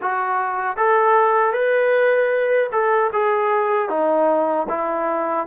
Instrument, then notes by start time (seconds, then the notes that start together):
trombone
0.01 F#4
0.77 A4
1.53 B4
2.72 A4
3.12 G#4
3.89 D#4
4.68 E4